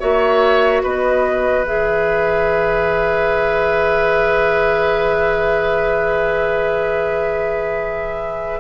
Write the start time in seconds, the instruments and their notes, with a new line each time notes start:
0.00 bassoon A#3, clarinet F#4, oboe C#5, flute E5
0.83 bassoon B3, oboe B4, flute D#5
1.64 bassoon E3, clarinet G#4, flute E5